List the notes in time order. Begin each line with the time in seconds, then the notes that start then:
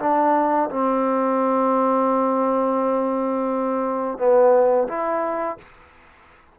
0.00 D4
0.70 C4
4.18 B3
4.88 E4